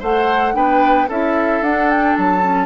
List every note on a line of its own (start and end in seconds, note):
0.00 0.55 A3
0.00 0.54 A4
0.00 0.54 C5
0.00 0.55 F#5
0.54 1.08 B3
0.54 1.07 D4
0.54 1.08 B4
0.54 1.09 G5
1.08 1.61 C#4
1.08 1.64 E4
1.08 2.66 A4
1.08 1.63 E5
1.61 2.15 D4
1.61 2.42 D4
1.61 1.90 F#5
1.90 2.16 G5
2.16 2.66 F#3
2.16 2.66 A5
2.42 2.66 C#4